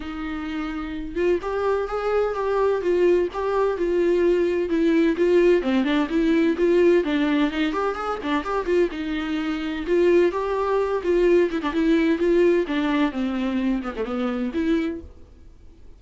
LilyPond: \new Staff \with { instrumentName = "viola" } { \time 4/4 \tempo 4 = 128 dis'2~ dis'8 f'8 g'4 | gis'4 g'4 f'4 g'4 | f'2 e'4 f'4 | c'8 d'8 e'4 f'4 d'4 |
dis'8 g'8 gis'8 d'8 g'8 f'8 dis'4~ | dis'4 f'4 g'4. f'8~ | f'8 e'16 d'16 e'4 f'4 d'4 | c'4. b16 a16 b4 e'4 | }